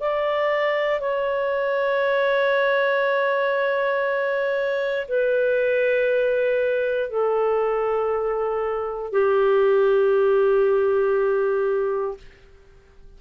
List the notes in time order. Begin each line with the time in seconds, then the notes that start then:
0.00 D5
1.00 C#5
5.08 B4
7.10 A4
9.12 G4